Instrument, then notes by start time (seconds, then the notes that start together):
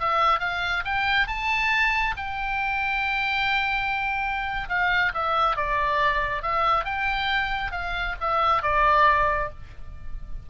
oboe
0.00 E5
0.40 F5
0.85 G5
1.28 A5
2.17 G5
4.69 F5
5.14 E5
5.57 D5
6.43 E5
6.85 G5
7.72 F5
8.21 E5
8.63 D5